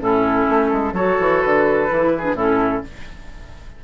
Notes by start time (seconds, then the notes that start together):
0.00 A2 C#4 E4 A4
0.49 A3
0.72 G#3
0.92 F#3 F#4 A4 C#5
1.20 E3
1.42 D3 B4
1.89 E3 E4
2.17 D4 G#4
2.34 A2 C#4 E4 A4